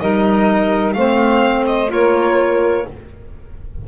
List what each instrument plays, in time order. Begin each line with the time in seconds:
0.00 double bass G3, clarinet D#4, saxophone A#4, violin D#5
0.93 double bass A3, clarinet C4, saxophone C5, violin F5
1.67 violin D#5
1.88 double bass A#3, clarinet F4, saxophone A#4, violin C#5